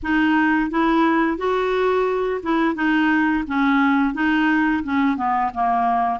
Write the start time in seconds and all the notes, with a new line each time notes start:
0.03 D#4
0.70 E4
1.37 F#4
2.43 E4
2.75 D#4
3.47 C#4
4.14 D#4
4.83 C#4
5.16 B3
5.54 A#3